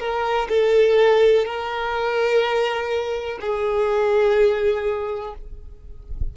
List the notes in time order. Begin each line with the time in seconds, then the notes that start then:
0.00 A#4
0.49 A4
1.46 A#4
3.41 G#4